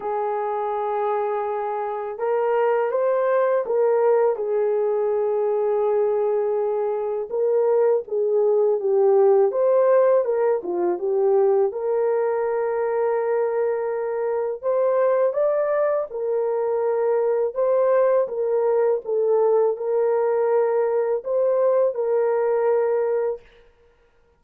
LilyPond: \new Staff \with { instrumentName = "horn" } { \time 4/4 \tempo 4 = 82 gis'2. ais'4 | c''4 ais'4 gis'2~ | gis'2 ais'4 gis'4 | g'4 c''4 ais'8 f'8 g'4 |
ais'1 | c''4 d''4 ais'2 | c''4 ais'4 a'4 ais'4~ | ais'4 c''4 ais'2 | }